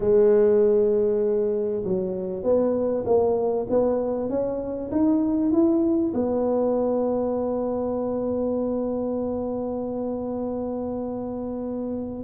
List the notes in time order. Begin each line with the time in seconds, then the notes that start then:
0.00 G#3
1.83 F#3
2.43 B3
3.05 A#3
3.69 B3
4.29 C#4
4.91 D#4
5.51 E4
6.13 B3